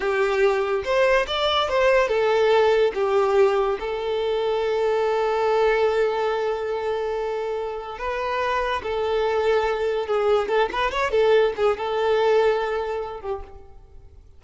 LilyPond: \new Staff \with { instrumentName = "violin" } { \time 4/4 \tempo 4 = 143 g'2 c''4 d''4 | c''4 a'2 g'4~ | g'4 a'2.~ | a'1~ |
a'2. b'4~ | b'4 a'2. | gis'4 a'8 b'8 cis''8 a'4 gis'8 | a'2.~ a'8 g'8 | }